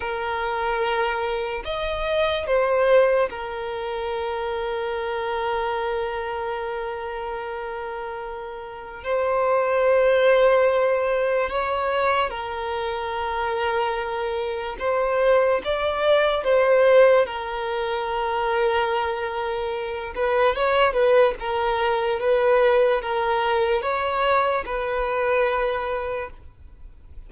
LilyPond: \new Staff \with { instrumentName = "violin" } { \time 4/4 \tempo 4 = 73 ais'2 dis''4 c''4 | ais'1~ | ais'2. c''4~ | c''2 cis''4 ais'4~ |
ais'2 c''4 d''4 | c''4 ais'2.~ | ais'8 b'8 cis''8 b'8 ais'4 b'4 | ais'4 cis''4 b'2 | }